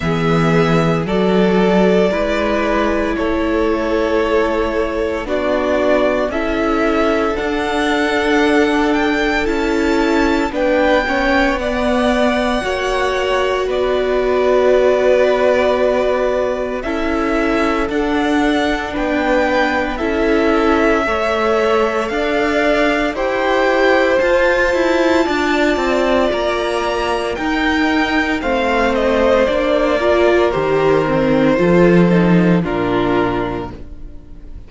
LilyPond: <<
  \new Staff \with { instrumentName = "violin" } { \time 4/4 \tempo 4 = 57 e''4 d''2 cis''4~ | cis''4 d''4 e''4 fis''4~ | fis''8 g''8 a''4 g''4 fis''4~ | fis''4 d''2. |
e''4 fis''4 g''4 e''4~ | e''4 f''4 g''4 a''4~ | a''4 ais''4 g''4 f''8 dis''8 | d''4 c''2 ais'4 | }
  \new Staff \with { instrumentName = "violin" } { \time 4/4 gis'4 a'4 b'4 a'4~ | a'4 fis'4 a'2~ | a'2 b'8 cis''8 d''4 | cis''4 b'2. |
a'2 b'4 a'4 | cis''4 d''4 c''2 | d''2 ais'4 c''4~ | c''8 ais'4. a'4 f'4 | }
  \new Staff \with { instrumentName = "viola" } { \time 4/4 b4 fis'4 e'2~ | e'4 d'4 e'4 d'4~ | d'4 e'4 d'8 cis'8 b4 | fis'1 |
e'4 d'2 e'4 | a'2 g'4 f'4~ | f'2 dis'4 c'4 | d'8 f'8 g'8 c'8 f'8 dis'8 d'4 | }
  \new Staff \with { instrumentName = "cello" } { \time 4/4 e4 fis4 gis4 a4~ | a4 b4 cis'4 d'4~ | d'4 cis'4 b2 | ais4 b2. |
cis'4 d'4 b4 cis'4 | a4 d'4 e'4 f'8 e'8 | d'8 c'8 ais4 dis'4 a4 | ais4 dis4 f4 ais,4 | }
>>